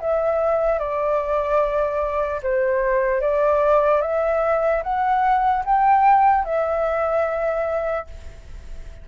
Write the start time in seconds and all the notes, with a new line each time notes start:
0.00 E5
0.79 D5
2.43 C5
3.21 D5
4.01 E5
4.83 F#5
5.65 G5
6.45 E5